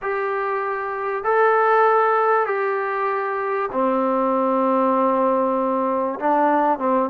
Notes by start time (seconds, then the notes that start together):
0.02 G4
1.24 A4
2.46 G4
3.71 C4
6.19 D4
6.78 C4